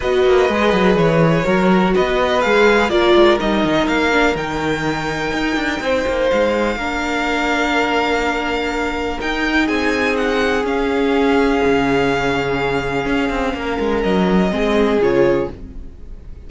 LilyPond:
<<
  \new Staff \with { instrumentName = "violin" } { \time 4/4 \tempo 4 = 124 dis''2 cis''2 | dis''4 f''4 d''4 dis''4 | f''4 g''2.~ | g''4 f''2.~ |
f''2. g''4 | gis''4 fis''4 f''2~ | f''1~ | f''4 dis''2 cis''4 | }
  \new Staff \with { instrumentName = "violin" } { \time 4/4 b'2. ais'4 | b'2 ais'2~ | ais'1 | c''2 ais'2~ |
ais'1 | gis'1~ | gis'1 | ais'2 gis'2 | }
  \new Staff \with { instrumentName = "viola" } { \time 4/4 fis'4 gis'2 fis'4~ | fis'4 gis'4 f'4 dis'4~ | dis'8 d'8 dis'2.~ | dis'2 d'2~ |
d'2. dis'4~ | dis'2 cis'2~ | cis'1~ | cis'2 c'4 f'4 | }
  \new Staff \with { instrumentName = "cello" } { \time 4/4 b8 ais8 gis8 fis8 e4 fis4 | b4 gis4 ais8 gis8 g8 dis8 | ais4 dis2 dis'8 d'8 | c'8 ais8 gis4 ais2~ |
ais2. dis'4 | c'2 cis'2 | cis2. cis'8 c'8 | ais8 gis8 fis4 gis4 cis4 | }
>>